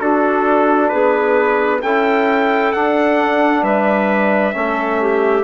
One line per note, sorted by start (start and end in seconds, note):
0.00 1.82 D4
0.00 0.92 D4
0.00 0.91 F#4
0.00 0.89 A4
0.89 1.83 B3
0.89 1.82 G#4
0.89 1.80 B4
1.82 2.73 C#4
1.82 2.74 E4
1.82 3.63 A4
1.82 2.73 G5
2.73 3.63 D4
2.73 4.52 D4
2.73 3.64 F#5
3.63 4.54 G3
3.63 4.54 B4
3.63 5.44 E5
4.52 5.44 A3
4.52 5.43 C#4
4.52 5.01 A4
5.01 5.44 G4